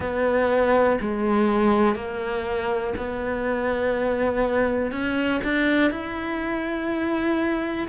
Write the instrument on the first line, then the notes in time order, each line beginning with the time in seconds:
cello
0.00 B3
1.00 G#3
1.95 A#3
2.97 B3
4.91 C#4
5.44 D4
5.91 E4